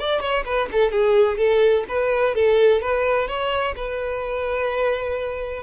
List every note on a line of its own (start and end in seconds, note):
0.00 0.21 D5
0.21 0.44 C#5
0.46 0.69 B4
0.72 0.92 A4
0.92 1.38 G#4
1.38 1.85 A4
1.89 2.35 B4
2.35 2.82 A4
2.82 3.28 B4
3.28 3.75 C#5
3.76 5.63 B4